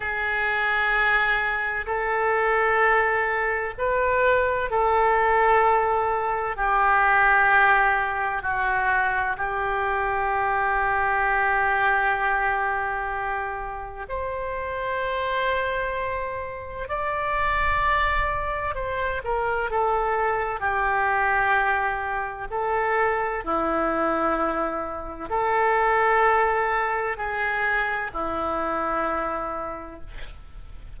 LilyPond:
\new Staff \with { instrumentName = "oboe" } { \time 4/4 \tempo 4 = 64 gis'2 a'2 | b'4 a'2 g'4~ | g'4 fis'4 g'2~ | g'2. c''4~ |
c''2 d''2 | c''8 ais'8 a'4 g'2 | a'4 e'2 a'4~ | a'4 gis'4 e'2 | }